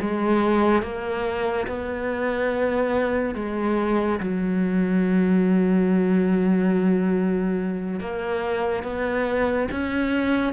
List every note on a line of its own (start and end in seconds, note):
0.00 0.82 G#3
0.82 1.67 A#3
1.67 3.35 B3
3.35 4.19 G#3
4.20 8.00 F#3
8.00 8.83 A#3
8.83 9.68 B3
9.71 10.53 C#4